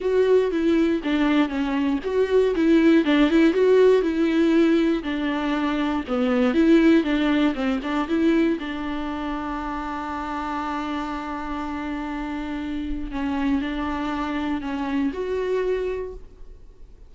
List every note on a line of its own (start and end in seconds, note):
0.00 0.51 F#4
0.51 1.01 E4
1.03 1.48 D4
1.48 1.99 C#4
2.04 2.54 F#4
2.55 3.04 E4
3.04 3.29 D4
3.29 3.53 E4
3.53 4.02 F#4
4.02 5.02 E4
5.03 6.04 D4
6.07 6.53 B3
6.53 7.03 E4
7.03 7.54 D4
7.54 7.80 C4
7.82 8.08 D4
8.08 8.58 E4
8.59 13.11 D4
13.11 13.61 C#4
13.61 14.61 D4
14.61 15.11 C#4
15.13 16.14 F#4